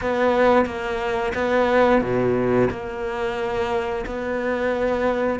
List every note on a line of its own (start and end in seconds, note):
0.01 0.65 B3
0.65 1.32 A#3
1.34 2.01 B3
2.01 2.68 B2
2.70 4.05 A#3
4.06 5.39 B3